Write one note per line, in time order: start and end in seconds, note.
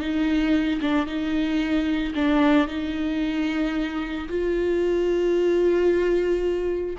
0.00 0.80 D#4
0.81 1.06 D4
1.06 2.14 D#4
2.15 2.68 D4
2.68 4.28 D#4
4.29 6.96 F4